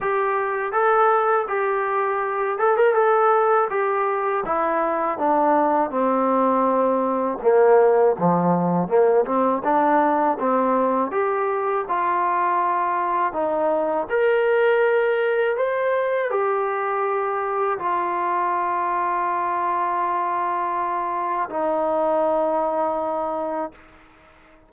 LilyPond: \new Staff \with { instrumentName = "trombone" } { \time 4/4 \tempo 4 = 81 g'4 a'4 g'4. a'16 ais'16 | a'4 g'4 e'4 d'4 | c'2 ais4 f4 | ais8 c'8 d'4 c'4 g'4 |
f'2 dis'4 ais'4~ | ais'4 c''4 g'2 | f'1~ | f'4 dis'2. | }